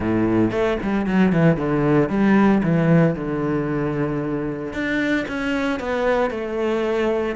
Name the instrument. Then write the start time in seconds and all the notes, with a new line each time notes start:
cello
0.00 A2
0.51 A3
0.82 G3
1.06 F#3
1.32 E3
1.56 D3
2.09 G3
2.63 E3
3.15 D3
4.73 D4
5.28 C#4
5.79 B3
6.30 A3